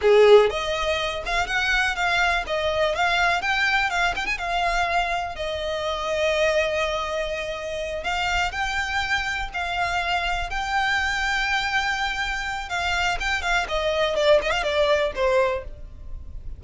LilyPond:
\new Staff \with { instrumentName = "violin" } { \time 4/4 \tempo 4 = 123 gis'4 dis''4. f''8 fis''4 | f''4 dis''4 f''4 g''4 | f''8 g''16 gis''16 f''2 dis''4~ | dis''1~ |
dis''8 f''4 g''2 f''8~ | f''4. g''2~ g''8~ | g''2 f''4 g''8 f''8 | dis''4 d''8 dis''16 f''16 d''4 c''4 | }